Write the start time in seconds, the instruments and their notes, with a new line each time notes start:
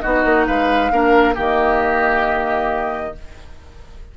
0.00 bassoon B3, clarinet D#4, oboe F#4, flute D#5
0.24 bassoon A#3
0.46 bassoon G#3, oboe B4, flute F5
0.91 bassoon A#3, clarinet D4, oboe A#4
1.34 bassoon D#3, clarinet A#3, oboe G4, flute D#5